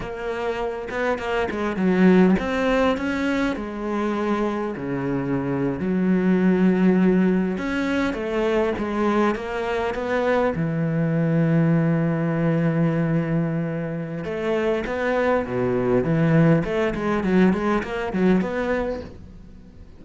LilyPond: \new Staff \with { instrumentName = "cello" } { \time 4/4 \tempo 4 = 101 ais4. b8 ais8 gis8 fis4 | c'4 cis'4 gis2 | cis4.~ cis16 fis2~ fis16~ | fis8. cis'4 a4 gis4 ais16~ |
ais8. b4 e2~ e16~ | e1 | a4 b4 b,4 e4 | a8 gis8 fis8 gis8 ais8 fis8 b4 | }